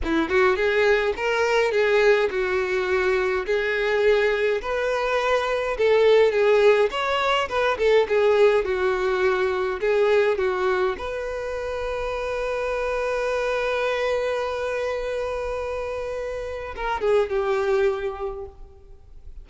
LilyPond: \new Staff \with { instrumentName = "violin" } { \time 4/4 \tempo 4 = 104 e'8 fis'8 gis'4 ais'4 gis'4 | fis'2 gis'2 | b'2 a'4 gis'4 | cis''4 b'8 a'8 gis'4 fis'4~ |
fis'4 gis'4 fis'4 b'4~ | b'1~ | b'1~ | b'4 ais'8 gis'8 g'2 | }